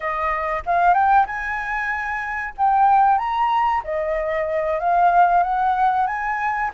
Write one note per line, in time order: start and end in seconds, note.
0.00 0.63 D#5
0.66 0.94 F5
0.94 1.26 G5
1.26 2.54 G#5
2.57 3.18 G5
3.18 3.82 A#5
3.84 4.79 D#5
4.79 5.43 F5
5.43 6.06 F#5
6.06 6.70 G#5